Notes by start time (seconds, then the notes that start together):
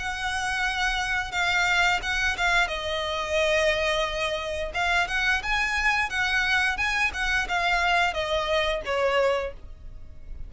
0.00 F#5
1.32 F5
2.03 F#5
2.37 F5
2.68 D#5
4.74 F5
5.08 F#5
5.43 G#5
6.10 F#5
6.77 G#5
7.14 F#5
7.49 F5
8.14 D#5
8.86 C#5